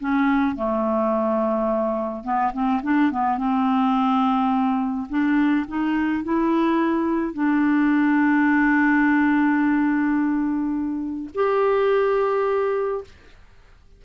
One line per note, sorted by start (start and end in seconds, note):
0.00 0.56 C#4
0.56 2.24 A3
2.24 2.52 B3
2.53 2.81 C4
2.83 3.11 D4
3.11 3.38 B3
3.38 5.07 C4
5.09 5.66 D4
5.68 6.24 D#4
6.24 7.34 E4
7.34 11.30 D4
11.35 13.04 G4